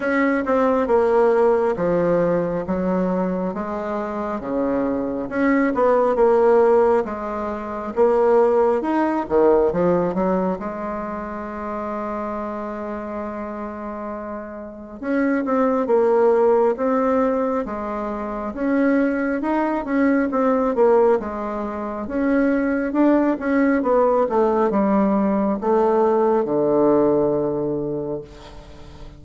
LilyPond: \new Staff \with { instrumentName = "bassoon" } { \time 4/4 \tempo 4 = 68 cis'8 c'8 ais4 f4 fis4 | gis4 cis4 cis'8 b8 ais4 | gis4 ais4 dis'8 dis8 f8 fis8 | gis1~ |
gis4 cis'8 c'8 ais4 c'4 | gis4 cis'4 dis'8 cis'8 c'8 ais8 | gis4 cis'4 d'8 cis'8 b8 a8 | g4 a4 d2 | }